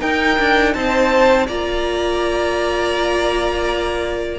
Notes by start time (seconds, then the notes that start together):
0.00 D#4 A#4 G5
0.39 D4
0.74 C4 C5 A5
1.46 A#3 F4 D5 A#5